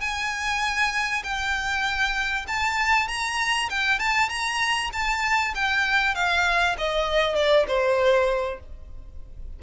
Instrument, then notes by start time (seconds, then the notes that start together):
violin
0.00 G#5
1.23 G5
2.47 A5
3.08 A#5
3.70 G5
3.99 A5
4.29 A#5
4.93 A5
5.55 G5
6.15 F5
6.78 D#5
7.35 D5
7.68 C5